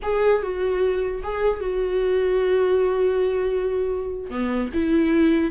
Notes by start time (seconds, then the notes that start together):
0.02 G#4
0.42 F#4
1.23 G#4
1.60 F#4
4.29 B3
4.73 E4